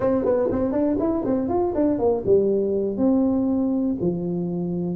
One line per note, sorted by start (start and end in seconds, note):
0.00 0.24 C4
0.24 0.49 B3
0.51 0.72 C4
0.72 0.96 D4
0.99 1.24 E4
1.25 1.48 C4
1.48 1.73 F4
1.74 1.99 D4
1.99 2.23 A#3
2.25 2.97 G3
2.97 3.96 C4
4.00 4.96 F3